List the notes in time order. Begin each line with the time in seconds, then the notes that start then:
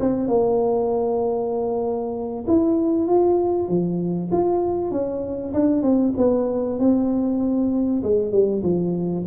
0.00 C4
0.28 A#3
2.47 E4
3.07 F4
3.69 F3
4.32 F4
4.91 C#4
5.54 D4
5.83 C4
6.17 B3
6.79 C4
8.03 G#3
8.32 G3
8.63 F3